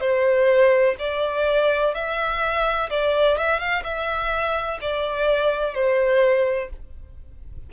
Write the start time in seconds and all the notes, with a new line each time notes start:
0.00 C5
0.99 D5
1.94 E5
2.90 D5
3.37 E5
3.59 F5
3.83 E5
4.81 D5
5.74 C5